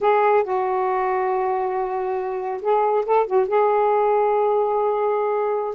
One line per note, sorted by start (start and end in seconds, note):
0.01 0.43 G#4
0.43 2.61 F#4
2.61 3.05 G#4
3.05 3.26 A4
3.26 3.48 F#4
3.48 5.74 G#4